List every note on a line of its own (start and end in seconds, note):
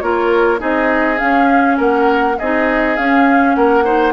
0.00 0.60 A#3
0.00 0.58 F4
0.00 0.60 A#4
0.00 0.59 C#5
0.58 1.20 C4
0.58 1.16 D#4
0.58 1.77 G#4
0.58 1.18 D#5
1.17 2.35 C#4
1.17 1.79 C#4
1.17 1.76 F5
1.77 2.37 A#3
1.77 2.36 A#4
1.77 2.38 F#5
2.38 2.98 C4
2.38 2.97 D#4
2.38 3.56 G#4
2.38 2.96 D#5
2.96 3.84 C#4
2.96 3.56 C#4
2.96 3.54 F5
3.54 4.13 A#3
3.54 3.84 A#4
3.54 4.13 F#5
3.84 4.13 D#4
3.84 4.13 C5